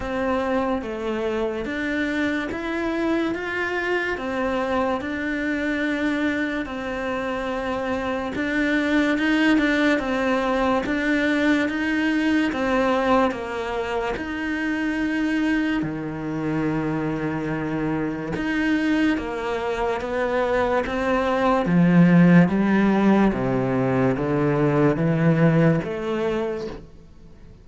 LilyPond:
\new Staff \with { instrumentName = "cello" } { \time 4/4 \tempo 4 = 72 c'4 a4 d'4 e'4 | f'4 c'4 d'2 | c'2 d'4 dis'8 d'8 | c'4 d'4 dis'4 c'4 |
ais4 dis'2 dis4~ | dis2 dis'4 ais4 | b4 c'4 f4 g4 | c4 d4 e4 a4 | }